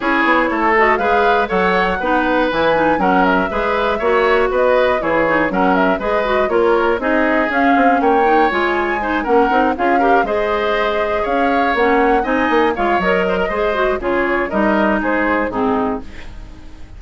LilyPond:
<<
  \new Staff \with { instrumentName = "flute" } { \time 4/4 \tempo 4 = 120 cis''4. dis''8 f''4 fis''4~ | fis''4 gis''4 fis''8 e''4.~ | e''4 dis''4 cis''4 fis''8 e''8 | dis''4 cis''4 dis''4 f''4 |
g''4 gis''4. fis''4 f''8~ | f''8 dis''2 f''4 fis''8~ | fis''8 gis''4 f''8 dis''2 | cis''4 dis''4 c''4 gis'4 | }
  \new Staff \with { instrumentName = "oboe" } { \time 4/4 gis'4 a'4 b'4 cis''4 | b'2 ais'4 b'4 | cis''4 b'4 gis'4 ais'4 | b'4 ais'4 gis'2 |
cis''2 c''8 ais'4 gis'8 | ais'8 c''2 cis''4.~ | cis''8 dis''4 cis''4 c''16 ais'16 c''4 | gis'4 ais'4 gis'4 dis'4 | }
  \new Staff \with { instrumentName = "clarinet" } { \time 4/4 e'4. fis'8 gis'4 a'4 | dis'4 e'8 dis'8 cis'4 gis'4 | fis'2 e'8 dis'8 cis'4 | gis'8 fis'8 f'4 dis'4 cis'4~ |
cis'8 dis'8 f'4 dis'8 cis'8 dis'8 f'8 | g'8 gis'2. cis'8~ | cis'8 dis'4 f'8 ais'4 gis'8 fis'8 | f'4 dis'2 c'4 | }
  \new Staff \with { instrumentName = "bassoon" } { \time 4/4 cis'8 b8 a4 gis4 fis4 | b4 e4 fis4 gis4 | ais4 b4 e4 fis4 | gis4 ais4 c'4 cis'8 c'8 |
ais4 gis4. ais8 c'8 cis'8~ | cis'8 gis2 cis'4 ais8~ | ais8 c'8 ais8 gis8 fis4 gis4 | cis4 g4 gis4 gis,4 | }
>>